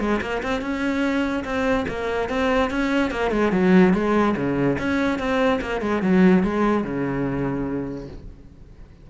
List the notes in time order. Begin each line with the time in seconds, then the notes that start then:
0.00 G#3
0.22 A#3
0.43 C4
0.62 C#4
1.44 C4
1.89 A#3
2.29 C4
2.71 C#4
3.11 A#3
3.31 G#3
3.52 F#3
3.94 G#3
4.37 C#3
4.79 C#4
5.19 C4
5.61 A#3
5.81 G#3
6.02 F#3
6.43 G#3
6.84 C#3